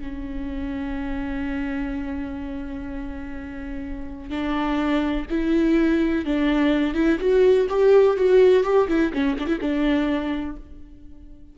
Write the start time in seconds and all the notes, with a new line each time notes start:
0.00 C#4
4.30 D4
5.30 E4
6.26 D4
6.94 E4
7.20 F#4
7.70 G4
8.17 F#4
8.64 G4
8.88 E4
9.14 C#4
9.39 D4
9.47 E4
9.61 D4